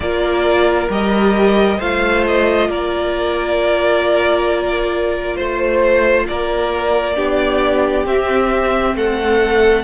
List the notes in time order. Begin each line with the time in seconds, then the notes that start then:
0.00 A#3 F4 A#4 D5
0.89 G3 G4 D#5
1.78 A3 F4 C5 F5
2.26 D#5
2.68 A#3 A#4 D5
5.36 A3 C5
6.27 A#3 A#4 D5
7.15 B3 D4 G4
8.04 C4 E5
8.94 A3 A4 F#5